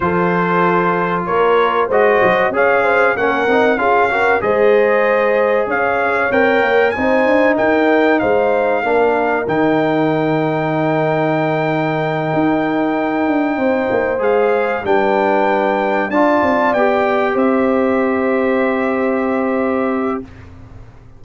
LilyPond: <<
  \new Staff \with { instrumentName = "trumpet" } { \time 4/4 \tempo 4 = 95 c''2 cis''4 dis''4 | f''4 fis''4 f''4 dis''4~ | dis''4 f''4 g''4 gis''4 | g''4 f''2 g''4~ |
g''1~ | g''2~ g''8 f''4 g''8~ | g''4. a''4 g''4 e''8~ | e''1 | }
  \new Staff \with { instrumentName = "horn" } { \time 4/4 a'2 ais'4 c''4 | cis''8 c''8 ais'4 gis'8 ais'8 c''4~ | c''4 cis''2 c''4 | ais'4 c''4 ais'2~ |
ais'1~ | ais'4. c''2 b'8~ | b'4. d''2 c''8~ | c''1 | }
  \new Staff \with { instrumentName = "trombone" } { \time 4/4 f'2. fis'4 | gis'4 cis'8 dis'8 f'8 fis'8 gis'4~ | gis'2 ais'4 dis'4~ | dis'2 d'4 dis'4~ |
dis'1~ | dis'2~ dis'8 gis'4 d'8~ | d'4. f'4 g'4.~ | g'1 | }
  \new Staff \with { instrumentName = "tuba" } { \time 4/4 f2 ais4 gis8 fis8 | cis'4 ais8 c'8 cis'4 gis4~ | gis4 cis'4 c'8 ais8 c'8 d'8 | dis'4 gis4 ais4 dis4~ |
dis2.~ dis8 dis'8~ | dis'4 d'8 c'8 ais8 gis4 g8~ | g4. d'8 c'8 b4 c'8~ | c'1 | }
>>